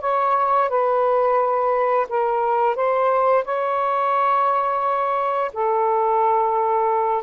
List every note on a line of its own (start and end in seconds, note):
0.00 0.69 C#5
0.69 2.07 B4
2.09 2.75 A#4
2.75 3.44 C5
3.44 5.51 C#5
5.53 7.23 A4